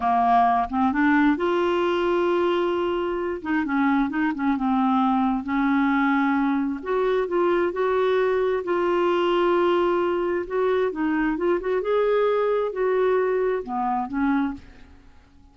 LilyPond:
\new Staff \with { instrumentName = "clarinet" } { \time 4/4 \tempo 4 = 132 ais4. c'8 d'4 f'4~ | f'2.~ f'8 dis'8 | cis'4 dis'8 cis'8 c'2 | cis'2. fis'4 |
f'4 fis'2 f'4~ | f'2. fis'4 | dis'4 f'8 fis'8 gis'2 | fis'2 b4 cis'4 | }